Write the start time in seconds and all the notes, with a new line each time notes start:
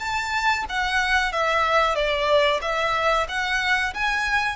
0.00 A5
0.69 F#5
1.33 E5
1.95 D5
2.62 E5
3.29 F#5
3.94 G#5